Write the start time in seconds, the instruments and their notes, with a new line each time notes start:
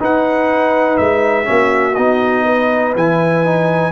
0.00 trombone D#4, tuba D#4, horn B4, trumpet F#5
0.98 tuba G#3, trumpet E5
1.44 tuba A#3, trombone C#4, horn F#4
1.95 tuba B3, trombone D#4, trumpet D#5
2.44 horn B4
2.96 tuba E3, trombone E4, trumpet G#5
3.45 trombone D#4